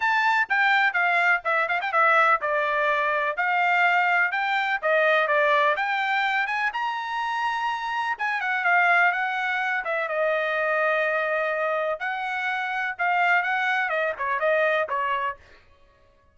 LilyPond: \new Staff \with { instrumentName = "trumpet" } { \time 4/4 \tempo 4 = 125 a''4 g''4 f''4 e''8 f''16 g''16 | e''4 d''2 f''4~ | f''4 g''4 dis''4 d''4 | g''4. gis''8 ais''2~ |
ais''4 gis''8 fis''8 f''4 fis''4~ | fis''8 e''8 dis''2.~ | dis''4 fis''2 f''4 | fis''4 dis''8 cis''8 dis''4 cis''4 | }